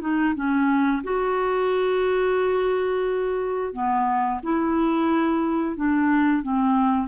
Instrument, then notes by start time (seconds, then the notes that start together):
clarinet
0.00 D#4
0.35 C#4
1.03 F#4
3.73 B3
4.42 E4
5.76 D4
6.42 C4